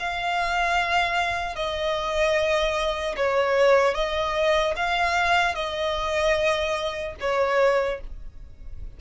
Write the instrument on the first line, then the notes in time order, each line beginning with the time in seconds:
violin
0.00 F5
1.56 D#5
3.17 C#5
3.95 D#5
4.76 F5
5.55 D#5
7.21 C#5